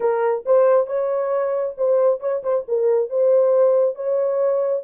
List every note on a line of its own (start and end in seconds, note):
0.00 0.44 A#4
0.45 0.86 C5
0.86 1.75 C#5
1.77 2.20 C5
2.20 2.42 C#5
2.43 2.65 C5
2.68 3.09 A#4
3.09 3.95 C5
3.95 4.83 C#5